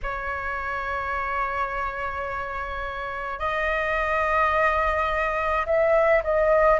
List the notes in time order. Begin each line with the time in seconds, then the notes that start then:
0.03 C#5
3.39 D#5
5.66 E5
6.23 D#5